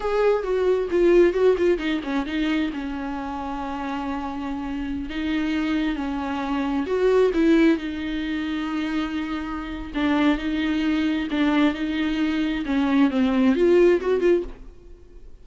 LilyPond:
\new Staff \with { instrumentName = "viola" } { \time 4/4 \tempo 4 = 133 gis'4 fis'4 f'4 fis'8 f'8 | dis'8 cis'8 dis'4 cis'2~ | cis'2.~ cis'16 dis'8.~ | dis'4~ dis'16 cis'2 fis'8.~ |
fis'16 e'4 dis'2~ dis'8.~ | dis'2 d'4 dis'4~ | dis'4 d'4 dis'2 | cis'4 c'4 f'4 fis'8 f'8 | }